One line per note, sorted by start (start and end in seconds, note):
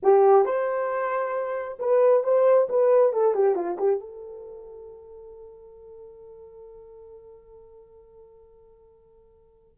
0.03 0.45 G4
0.45 1.78 C5
1.79 2.23 B4
2.23 2.68 C5
2.69 3.12 B4
3.12 3.34 A4
3.34 3.55 G4
3.55 3.77 F4
3.78 4.00 G4
4.00 9.77 A4